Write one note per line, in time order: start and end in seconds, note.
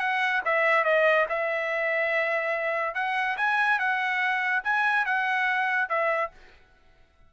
0.00 0.42 F#5
0.46 0.84 E5
0.84 1.26 D#5
1.29 2.95 E5
2.95 3.37 F#5
3.37 3.79 G#5
3.79 4.63 F#5
4.64 5.06 G#5
5.06 5.90 F#5
5.90 6.31 E5